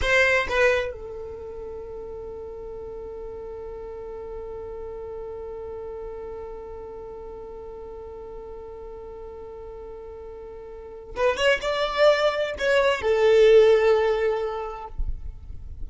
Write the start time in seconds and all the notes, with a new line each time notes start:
0.01 C5
0.48 B4
0.92 A4
11.16 B4
11.36 C#5
11.61 D5
12.58 C#5
13.01 A4